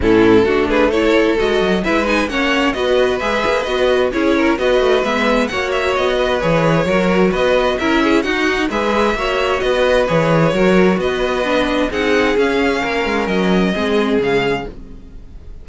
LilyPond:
<<
  \new Staff \with { instrumentName = "violin" } { \time 4/4 \tempo 4 = 131 a'4. b'8 cis''4 dis''4 | e''8 gis''8 fis''4 dis''4 e''4 | dis''4 cis''4 dis''4 e''4 | fis''8 e''8 dis''4 cis''2 |
dis''4 e''4 fis''4 e''4~ | e''4 dis''4 cis''2 | dis''2 fis''4 f''4~ | f''4 dis''2 f''4 | }
  \new Staff \with { instrumentName = "violin" } { \time 4/4 e'4 fis'8 gis'8 a'2 | b'4 cis''4 b'2~ | b'4 gis'8 ais'8 b'2 | cis''4. b'4. ais'4 |
b'4 ais'8 gis'8 fis'4 b'4 | cis''4 b'2 ais'4 | b'2 gis'2 | ais'2 gis'2 | }
  \new Staff \with { instrumentName = "viola" } { \time 4/4 cis'4 d'4 e'4 fis'4 | e'8 dis'8 cis'4 fis'4 gis'4 | fis'4 e'4 fis'4 b4 | fis'2 gis'4 fis'4~ |
fis'4 e'4 dis'4 gis'4 | fis'2 gis'4 fis'4~ | fis'4 d'4 dis'4 cis'4~ | cis'2 c'4 gis4 | }
  \new Staff \with { instrumentName = "cello" } { \time 4/4 a,4 a2 gis8 fis8 | gis4 ais4 b4 gis8 ais8 | b4 cis'4 b8 a8 gis4 | ais4 b4 e4 fis4 |
b4 cis'4 dis'4 gis4 | ais4 b4 e4 fis4 | b2 c'4 cis'4 | ais8 gis8 fis4 gis4 cis4 | }
>>